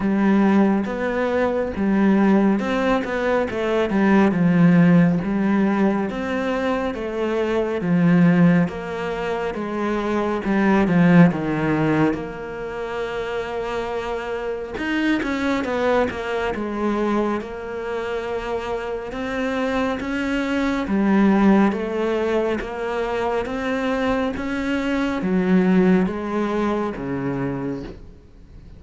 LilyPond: \new Staff \with { instrumentName = "cello" } { \time 4/4 \tempo 4 = 69 g4 b4 g4 c'8 b8 | a8 g8 f4 g4 c'4 | a4 f4 ais4 gis4 | g8 f8 dis4 ais2~ |
ais4 dis'8 cis'8 b8 ais8 gis4 | ais2 c'4 cis'4 | g4 a4 ais4 c'4 | cis'4 fis4 gis4 cis4 | }